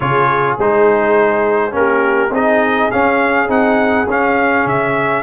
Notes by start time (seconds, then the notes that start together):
0.00 C#3 F4 G#4 C#5
0.57 G#3 D#4 C5
1.71 A#3 C#4 G4 A#4
2.30 C4 D#4 G#4 D#5
2.91 C#4 F5
3.47 C4 D#4 F#5
4.07 C#4 F5
4.65 C#3 E5